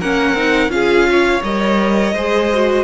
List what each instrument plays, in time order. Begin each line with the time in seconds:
0.00 cello A#3, viola C#4, violin A#4 F#5
0.33 cello C4, viola D#4
0.68 cello C#4, viola F4, violin G#4 F5
1.10 violin C#5
1.43 cello G3, viola A#4, violin D#5
2.14 cello G#3, viola G#4, violin C5
2.53 viola F#4